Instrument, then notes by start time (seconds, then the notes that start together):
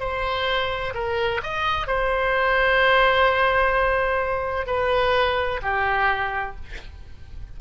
oboe
0.00 C5
0.94 A#4
1.43 D#5
1.87 C5
4.67 B4
5.62 G4